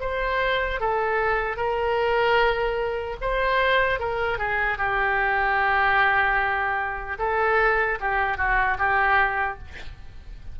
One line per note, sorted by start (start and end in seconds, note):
0.00 0.80 C5
0.80 1.57 A4
1.57 3.17 A#4
3.21 3.99 C5
3.99 4.38 A#4
4.38 4.77 G#4
4.77 7.17 G4
7.19 7.99 A4
8.00 8.37 G4
8.37 8.77 F#4
8.78 9.58 G4